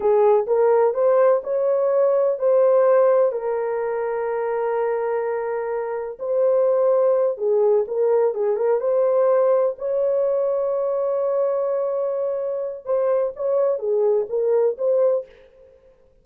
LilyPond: \new Staff \with { instrumentName = "horn" } { \time 4/4 \tempo 4 = 126 gis'4 ais'4 c''4 cis''4~ | cis''4 c''2 ais'4~ | ais'1~ | ais'4 c''2~ c''8 gis'8~ |
gis'8 ais'4 gis'8 ais'8 c''4.~ | c''8 cis''2.~ cis''8~ | cis''2. c''4 | cis''4 gis'4 ais'4 c''4 | }